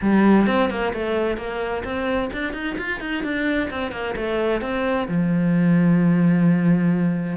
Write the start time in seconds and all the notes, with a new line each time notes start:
0.01 G3
0.46 C4
0.69 A#3
0.93 A3
1.37 A#3
1.84 C4
2.32 D4
2.53 D#4
2.78 F4
3.00 D#4
3.23 D4
3.70 C4
3.91 A#3
4.16 A3
4.61 C4
5.08 F3